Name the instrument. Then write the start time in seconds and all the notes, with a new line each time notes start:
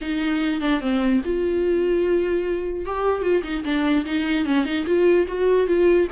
viola
0.01 D#4
0.61 D4
0.81 C4
1.24 F4
2.85 G4
3.22 F4
3.43 D#4
3.64 D4
4.05 D#4
4.45 C#4
4.65 D#4
4.86 F4
5.27 F#4
5.67 F4